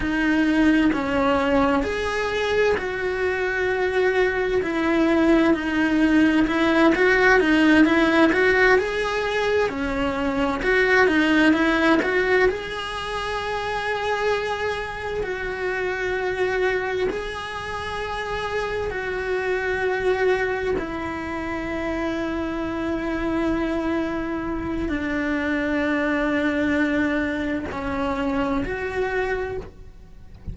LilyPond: \new Staff \with { instrumentName = "cello" } { \time 4/4 \tempo 4 = 65 dis'4 cis'4 gis'4 fis'4~ | fis'4 e'4 dis'4 e'8 fis'8 | dis'8 e'8 fis'8 gis'4 cis'4 fis'8 | dis'8 e'8 fis'8 gis'2~ gis'8~ |
gis'8 fis'2 gis'4.~ | gis'8 fis'2 e'4.~ | e'2. d'4~ | d'2 cis'4 fis'4 | }